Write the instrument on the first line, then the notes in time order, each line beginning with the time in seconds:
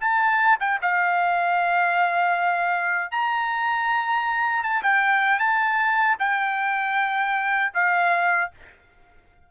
trumpet
0.00 A5
0.60 G5
0.81 F5
3.11 A#5
4.63 A5
4.83 G5
5.39 A5
6.19 G5
7.73 F5